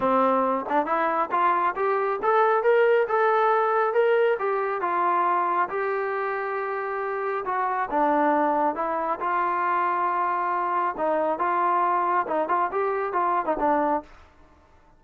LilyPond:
\new Staff \with { instrumentName = "trombone" } { \time 4/4 \tempo 4 = 137 c'4. d'8 e'4 f'4 | g'4 a'4 ais'4 a'4~ | a'4 ais'4 g'4 f'4~ | f'4 g'2.~ |
g'4 fis'4 d'2 | e'4 f'2.~ | f'4 dis'4 f'2 | dis'8 f'8 g'4 f'8. dis'16 d'4 | }